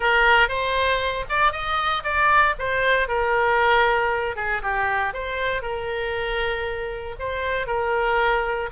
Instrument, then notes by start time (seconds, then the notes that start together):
oboe
0.00 A#4
0.48 C5
1.29 D5
1.52 D#5
2.03 D5
2.58 C5
3.07 A#4
4.36 G#4
4.62 G4
5.13 C5
5.62 A#4
7.19 C5
7.66 A#4